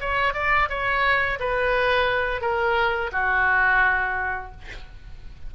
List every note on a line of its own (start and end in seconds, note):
0.00 0.33 C#5
0.33 0.68 D5
0.69 1.39 C#5
1.39 2.41 B4
2.41 3.10 A#4
3.12 4.51 F#4